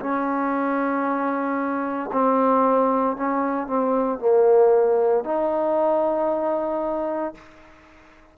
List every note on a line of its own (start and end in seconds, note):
0.00 2.11 C#4
2.12 3.17 C4
3.17 3.67 C#4
3.67 4.19 C4
4.19 5.24 A#3
5.24 7.35 D#4